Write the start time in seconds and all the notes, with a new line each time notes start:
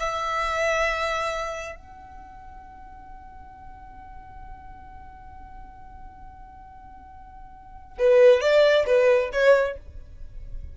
0.00 E5
1.76 F#5
7.99 B4
8.41 D5
8.87 B4
9.33 C#5